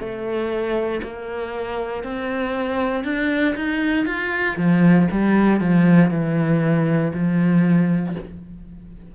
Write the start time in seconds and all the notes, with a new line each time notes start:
0.00 A3
1.03 A#3
2.04 C4
3.05 D4
3.56 D#4
4.06 F4
4.58 F3
5.11 G3
5.61 F3
6.11 E3
7.14 F3